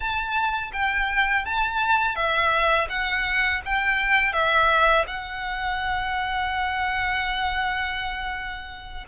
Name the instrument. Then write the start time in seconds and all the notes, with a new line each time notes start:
violin
0.00 A5
0.72 G5
1.45 A5
2.15 E5
2.89 F#5
3.65 G5
4.32 E5
5.07 F#5